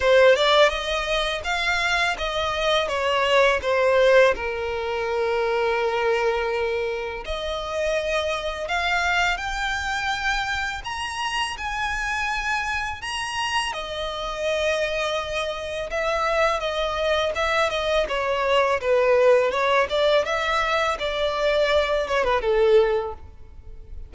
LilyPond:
\new Staff \with { instrumentName = "violin" } { \time 4/4 \tempo 4 = 83 c''8 d''8 dis''4 f''4 dis''4 | cis''4 c''4 ais'2~ | ais'2 dis''2 | f''4 g''2 ais''4 |
gis''2 ais''4 dis''4~ | dis''2 e''4 dis''4 | e''8 dis''8 cis''4 b'4 cis''8 d''8 | e''4 d''4. cis''16 b'16 a'4 | }